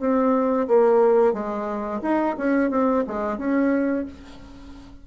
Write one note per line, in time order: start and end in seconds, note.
0.00 0.67 C4
0.68 1.34 A#3
1.34 2.01 G#3
2.02 2.36 D#4
2.38 2.71 C#4
2.71 3.04 C4
3.08 3.38 G#3
3.38 4.06 C#4